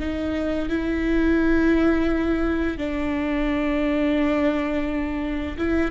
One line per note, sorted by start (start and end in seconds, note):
0.00 0.70 D#4
0.70 2.78 E4
2.78 5.57 D4
5.58 5.91 E4